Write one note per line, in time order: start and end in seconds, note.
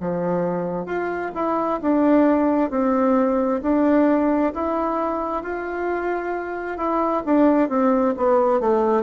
0.00 0.86 F3
0.86 1.31 F4
1.34 1.80 E4
1.81 2.70 D4
2.70 3.61 C4
3.62 4.53 D4
4.53 5.43 E4
5.43 6.77 F4
6.77 7.23 E4
7.25 7.69 D4
7.69 8.14 C4
8.17 8.60 B3
8.60 9.02 A3